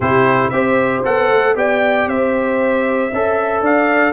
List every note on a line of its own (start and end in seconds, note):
0.00 0.50 C3
0.00 0.52 E4
0.00 0.51 G4
0.00 0.50 C5
0.50 1.03 C4
0.50 1.04 G4
0.50 1.57 C5
0.50 1.01 E5
1.04 1.29 B3
1.04 1.55 A4
1.04 1.56 F#5
1.29 1.55 A3
1.55 2.06 B3
1.55 3.10 G4
1.55 2.08 D5
1.55 2.09 G5
2.06 3.10 C4
2.06 3.11 C5
2.06 3.64 E5
3.11 3.61 C#4
3.11 4.12 A4
3.11 3.63 E5
3.61 4.12 D4
3.61 4.12 D5
3.61 4.12 F5